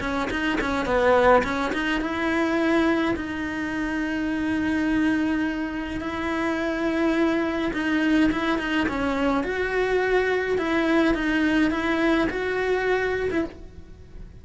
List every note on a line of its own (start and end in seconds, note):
0.00 0.29 C#4
0.30 0.58 D#4
0.60 0.85 C#4
0.85 1.43 B3
1.43 1.72 C#4
1.72 2.01 D#4
2.01 3.15 E4
3.16 6.00 D#4
6.00 7.72 E4
7.73 8.30 D#4
8.31 8.58 E4
8.58 8.87 D#4
8.88 9.43 C#4
9.43 10.57 F#4
10.58 11.14 E4
11.14 11.70 D#4
11.70 12.28 E4
12.29 13.29 F#4
13.30 13.44 E4